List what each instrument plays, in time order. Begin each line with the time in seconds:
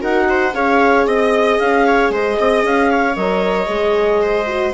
0.00 bassoon D#4, horn F#4, viola A#4, clarinet F#5
0.29 viola C5
0.54 bassoon C#4, horn G#4, viola C#5, clarinet F5
1.07 bassoon C4, clarinet D#5, viola D#5
1.59 bassoon C#4, clarinet F5
1.86 viola C#5
2.10 bassoon G#3, viola C5, clarinet D#5
2.40 bassoon C4, viola D#5
2.63 bassoon C#4, clarinet F5
2.91 viola C#5
3.16 bassoon F#3, horn A#4, clarinet D#5
3.67 bassoon G#3, horn G#4
4.22 viola C5
4.47 horn F#4